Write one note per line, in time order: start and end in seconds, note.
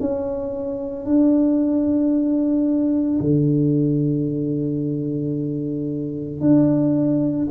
0.00 1.06 C#4
1.06 3.20 D4
3.20 6.40 D3
6.40 7.48 D4